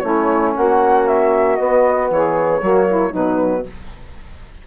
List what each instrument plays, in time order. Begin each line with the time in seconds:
0.00 bassoon A3, trombone C#4, saxophone E4, flute C#5
0.56 bassoon A#3, saxophone F#4, flute F#5
1.08 flute E5
1.56 trombone B3, bassoon B3, flute D#5
2.10 bassoon E3, saxophone G#4, flute C#5
2.61 bassoon F#3, trombone A#3, saxophone F#4
2.88 saxophone E4
3.11 bassoon B2, trombone F#3, saxophone D#4, flute B4